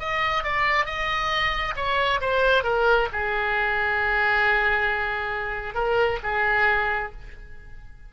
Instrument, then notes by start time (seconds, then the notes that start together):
oboe
0.00 D#5
0.44 D5
0.86 D#5
1.77 C#5
2.21 C5
2.64 A#4
3.13 G#4
5.75 A#4
6.24 G#4